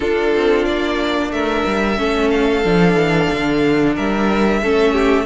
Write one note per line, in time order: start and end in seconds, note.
0.00 1.97 D4
0.00 0.34 D4
0.00 1.30 F4
0.00 0.65 A4
0.34 0.66 C4
0.65 1.30 A#3
0.65 1.31 D5
1.30 1.63 A3
1.30 1.99 A#4
1.30 2.30 E5
1.66 1.99 G3
1.97 2.64 A3
1.97 2.62 C#4
1.97 3.95 A4
2.30 3.94 F5
2.64 2.94 F3
2.64 4.62 D4
2.94 3.27 E3
3.33 3.97 D3
3.95 4.62 G3
3.95 4.60 A#4
3.95 5.25 E5
4.62 5.25 A3
4.62 5.25 C#4
4.62 4.92 A4
4.92 5.25 G4